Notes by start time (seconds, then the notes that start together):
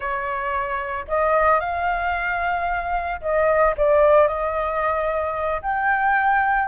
0.00 C#5
1.08 D#5
1.59 F5
3.21 D#5
3.77 D5
4.27 D#5
5.62 G5